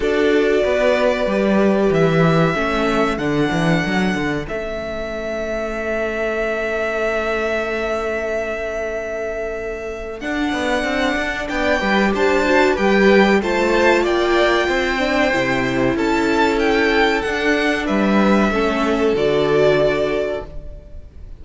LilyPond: <<
  \new Staff \with { instrumentName = "violin" } { \time 4/4 \tempo 4 = 94 d''2. e''4~ | e''4 fis''2 e''4~ | e''1~ | e''1 |
fis''2 g''4 a''4 | g''4 a''4 g''2~ | g''4 a''4 g''4 fis''4 | e''2 d''2 | }
  \new Staff \with { instrumentName = "violin" } { \time 4/4 a'4 b'2. | a'1~ | a'1~ | a'1~ |
a'2 d''8 b'8 c''4 | b'4 c''4 d''4 c''4~ | c''4 a'2. | b'4 a'2. | }
  \new Staff \with { instrumentName = "viola" } { \time 4/4 fis'2 g'2 | cis'4 d'2 cis'4~ | cis'1~ | cis'1 |
d'2~ d'8 g'4 fis'8 | g'4 f'2~ f'8 d'8 | e'2. d'4~ | d'4 cis'4 fis'2 | }
  \new Staff \with { instrumentName = "cello" } { \time 4/4 d'4 b4 g4 e4 | a4 d8 e8 fis8 d8 a4~ | a1~ | a1 |
d'8 b8 c'8 d'8 b8 g8 d'4 | g4 a4 ais4 c'4 | c4 cis'2 d'4 | g4 a4 d2 | }
>>